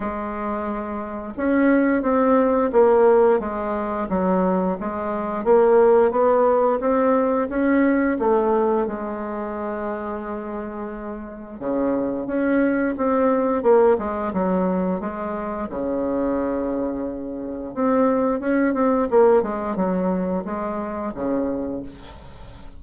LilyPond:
\new Staff \with { instrumentName = "bassoon" } { \time 4/4 \tempo 4 = 88 gis2 cis'4 c'4 | ais4 gis4 fis4 gis4 | ais4 b4 c'4 cis'4 | a4 gis2.~ |
gis4 cis4 cis'4 c'4 | ais8 gis8 fis4 gis4 cis4~ | cis2 c'4 cis'8 c'8 | ais8 gis8 fis4 gis4 cis4 | }